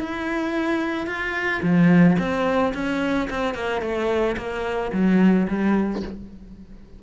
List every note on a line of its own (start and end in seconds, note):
0.00 1.07 E4
1.07 1.61 F4
1.62 2.17 F3
2.18 2.73 C4
2.74 3.29 C#4
3.30 3.54 C4
3.54 3.82 A#3
3.82 4.36 A3
4.37 4.92 A#3
4.92 5.47 F#3
5.48 6.02 G3